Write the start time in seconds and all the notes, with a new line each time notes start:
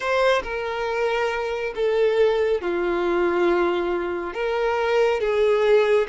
0.00 C5
0.43 A#4
1.75 A4
2.61 F4
4.33 A#4
5.20 G#4